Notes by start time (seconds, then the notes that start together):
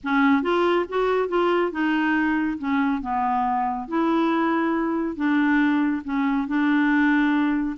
0.03 C#4
0.42 F4
0.88 F#4
1.28 F4
1.71 D#4
2.58 C#4
3.01 B3
3.88 E4
5.16 D4
6.04 C#4
6.47 D4